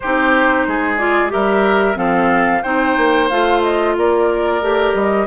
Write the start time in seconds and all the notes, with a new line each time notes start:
0.00 C4 D#4 G4 C5
0.67 G#3 G#4
0.97 F4 D5
1.29 G3 G4 A#4 E5
1.94 F3 C4 A4 F5
2.62 C4 D#4 C5 G5
2.97 A#3
3.29 A3 F4 F5
3.62 D#5
3.97 A#3 A#4 D5
4.61 A3 G4
4.94 G3 D#5